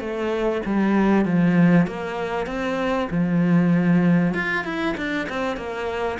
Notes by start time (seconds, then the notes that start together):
0.00 A3
0.66 G3
1.25 F3
1.87 A#3
2.47 C4
3.10 F3
4.34 F4
4.64 E4
4.97 D4
5.29 C4
5.57 A#3